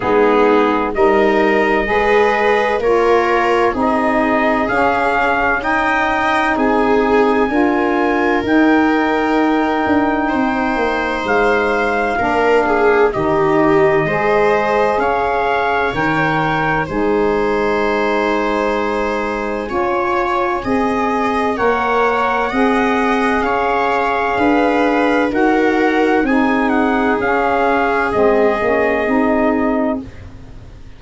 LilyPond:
<<
  \new Staff \with { instrumentName = "trumpet" } { \time 4/4 \tempo 4 = 64 gis'4 dis''2 cis''4 | dis''4 f''4 g''4 gis''4~ | gis''4 g''2. | f''2 dis''2 |
f''4 g''4 gis''2~ | gis''2. fis''4~ | fis''4 f''2 fis''4 | gis''8 fis''8 f''4 dis''2 | }
  \new Staff \with { instrumentName = "viola" } { \time 4/4 dis'4 ais'4 b'4 ais'4 | gis'2 dis''4 gis'4 | ais'2. c''4~ | c''4 ais'8 gis'8 g'4 c''4 |
cis''2 c''2~ | c''4 cis''4 dis''4 cis''4 | dis''4 cis''4 b'4 ais'4 | gis'1 | }
  \new Staff \with { instrumentName = "saxophone" } { \time 4/4 b4 dis'4 gis'4 f'4 | dis'4 cis'4 dis'2 | f'4 dis'2.~ | dis'4 d'4 dis'4 gis'4~ |
gis'4 ais'4 dis'2~ | dis'4 f'4 gis'4 ais'4 | gis'2. fis'4 | dis'4 cis'4 c'8 cis'8 dis'4 | }
  \new Staff \with { instrumentName = "tuba" } { \time 4/4 gis4 g4 gis4 ais4 | c'4 cis'2 c'4 | d'4 dis'4. d'8 c'8 ais8 | gis4 ais4 dis4 gis4 |
cis'4 dis4 gis2~ | gis4 cis'4 c'4 ais4 | c'4 cis'4 d'4 dis'4 | c'4 cis'4 gis8 ais8 c'4 | }
>>